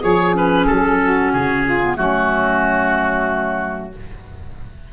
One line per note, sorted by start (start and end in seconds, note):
0.00 0.69 F3
0.00 0.33 G#4
0.00 0.99 G#4
0.00 0.36 C#5
0.34 1.81 C#4
0.34 0.67 B4
0.67 1.34 F#3
0.67 1.32 A4
1.03 1.66 F#4
1.33 1.98 C#3
1.33 1.97 G#4
1.66 1.97 F4
1.82 1.97 B3
1.97 3.93 F#3
1.97 3.92 A3
1.97 3.92 C#4
1.97 3.93 F#4